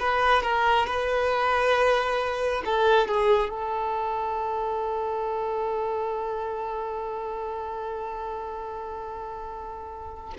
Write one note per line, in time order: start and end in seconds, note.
0.00 0.43 B4
0.43 0.87 A#4
0.87 2.63 B4
2.66 3.08 A4
3.08 3.50 G#4
3.50 10.34 A4